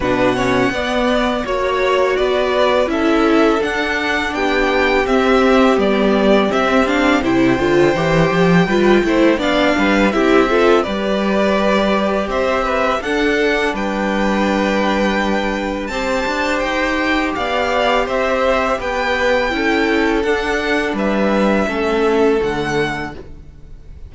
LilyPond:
<<
  \new Staff \with { instrumentName = "violin" } { \time 4/4 \tempo 4 = 83 fis''2 cis''4 d''4 | e''4 fis''4 g''4 e''4 | d''4 e''8 f''8 g''2~ | g''4 f''4 e''4 d''4~ |
d''4 e''4 fis''4 g''4~ | g''2 a''4 g''4 | f''4 e''4 g''2 | fis''4 e''2 fis''4 | }
  \new Staff \with { instrumentName = "violin" } { \time 4/4 b'8 cis''8 d''4 cis''4 b'4 | a'2 g'2~ | g'2 c''2 | b'8 c''8 d''8 b'8 g'8 a'8 b'4~ |
b'4 c''8 b'8 a'4 b'4~ | b'2 c''2 | d''4 c''4 b'4 a'4~ | a'4 b'4 a'2 | }
  \new Staff \with { instrumentName = "viola" } { \time 4/4 d'8 cis'8 b4 fis'2 | e'4 d'2 c'4 | b4 c'8 d'8 e'8 f'8 g'4 | f'8 e'8 d'4 e'8 f'8 g'4~ |
g'2 d'2~ | d'2 g'2~ | g'2. e'4 | d'2 cis'4 a4 | }
  \new Staff \with { instrumentName = "cello" } { \time 4/4 b,4 b4 ais4 b4 | cis'4 d'4 b4 c'4 | g4 c'4 c8 d8 e8 f8 | g8 a8 b8 g8 c'4 g4~ |
g4 c'4 d'4 g4~ | g2 c'8 d'8 dis'4 | b4 c'4 b4 cis'4 | d'4 g4 a4 d4 | }
>>